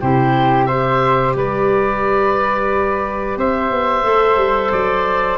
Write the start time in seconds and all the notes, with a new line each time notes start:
0.00 C3 E4 G4 C5
0.65 G4 C5 E5
1.36 G3 B4 D5
3.37 C4 C5 E5
3.71 B3
4.03 A3 A4
4.37 G3
4.72 F#3 D5